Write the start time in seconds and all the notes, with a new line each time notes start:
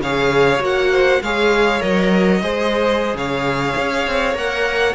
0.00 C#3 G#4 C#5 F5
0.60 A#3 F#4 F#5
0.92 C5
1.22 G#3 G#4 C#5 F5
1.80 F#3 A#4 D#5
2.42 G#3 G#4 C5
3.15 C#3 C#5 F5
3.77 C#4
4.07 C4
4.34 A#3 A#4 F#5